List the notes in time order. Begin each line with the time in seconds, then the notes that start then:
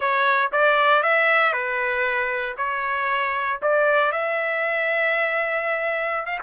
0.00 C#5
0.52 D5
1.02 E5
1.52 B4
2.57 C#5
3.62 D5
4.12 E5
6.26 F5